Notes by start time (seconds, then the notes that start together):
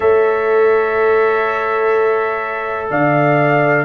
0.00 A3 A4 C#5 E5
2.90 D3 D5 F5